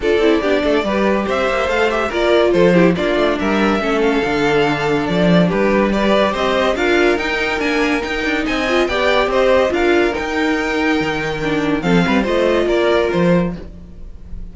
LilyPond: <<
  \new Staff \with { instrumentName = "violin" } { \time 4/4 \tempo 4 = 142 d''2. e''4 | f''8 e''8 d''4 c''4 d''4 | e''4. f''2~ f''8 | d''4 b'4 d''4 dis''4 |
f''4 g''4 gis''4 g''4 | gis''4 g''4 dis''4 f''4 | g''1 | f''4 dis''4 d''4 c''4 | }
  \new Staff \with { instrumentName = "violin" } { \time 4/4 a'4 g'8 a'8 b'4 c''4~ | c''4 ais'4 a'8 g'8 f'4 | ais'4 a'2.~ | a'4 g'4 b'4 c''4 |
ais'1 | dis''4 d''4 c''4 ais'4~ | ais'1 | a'8 b'8 c''4 ais'2 | }
  \new Staff \with { instrumentName = "viola" } { \time 4/4 f'8 e'8 d'4 g'2 | a'8 g'8 f'4. e'8 d'4~ | d'4 cis'4 d'2~ | d'2 g'2 |
f'4 dis'4 d'4 dis'4~ | dis'8 f'8 g'2 f'4 | dis'2. d'4 | c'4 f'2. | }
  \new Staff \with { instrumentName = "cello" } { \time 4/4 d'8 c'8 b8 a8 g4 c'8 ais8 | a4 ais4 f4 ais8 a8 | g4 a4 d2 | f4 g2 c'4 |
d'4 dis'4 ais4 dis'8 d'8 | c'4 b4 c'4 d'4 | dis'2 dis2 | f8 g8 a4 ais4 f4 | }
>>